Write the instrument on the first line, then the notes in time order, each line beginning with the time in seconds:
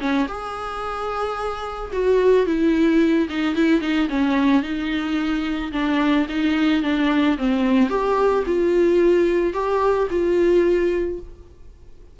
viola
0.00 C#4
0.28 G#4
1.93 F#4
2.46 E4
3.30 D#4
3.56 E4
3.81 D#4
4.10 C#4
4.63 D#4
5.73 D4
6.29 D#4
6.83 D4
7.38 C4
7.90 G4
8.46 F4
9.54 G4
10.11 F4